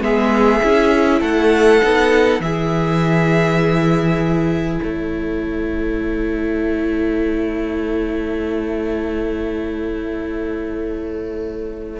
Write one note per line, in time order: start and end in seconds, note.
0.00 0.60 G#3
0.00 0.61 B3
0.00 1.20 G#4
0.00 1.22 E5
0.62 1.21 C#4
0.62 1.81 E4
1.20 1.81 A3
1.20 2.40 A4
1.20 2.41 F#5
1.81 2.40 B3
1.81 2.42 D#4
2.40 4.79 E3
2.40 12.00 E4
2.40 4.83 G#4
2.40 4.80 E5
4.80 12.00 A3
4.80 12.00 A4
4.80 12.00 C#5